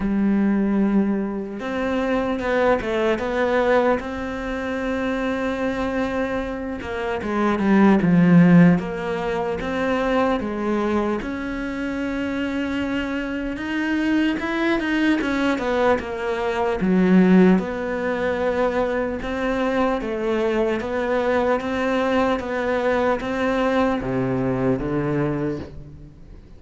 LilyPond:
\new Staff \with { instrumentName = "cello" } { \time 4/4 \tempo 4 = 75 g2 c'4 b8 a8 | b4 c'2.~ | c'8 ais8 gis8 g8 f4 ais4 | c'4 gis4 cis'2~ |
cis'4 dis'4 e'8 dis'8 cis'8 b8 | ais4 fis4 b2 | c'4 a4 b4 c'4 | b4 c'4 c4 d4 | }